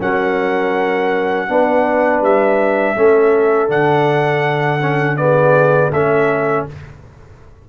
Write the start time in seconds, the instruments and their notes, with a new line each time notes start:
0.00 tuba F#3, trombone C#4, horn A#4, trumpet F#5
1.48 tuba B3, trombone D4, horn B4
2.20 tuba G3, trumpet E5
2.95 tuba A3, trombone C#4, horn A4
3.68 tuba D3, trombone D4, trumpet F#5
4.81 trombone C#4
5.17 trombone B3, horn G#4, trumpet D5
5.91 tuba A3, trombone C#4, horn A4, trumpet E5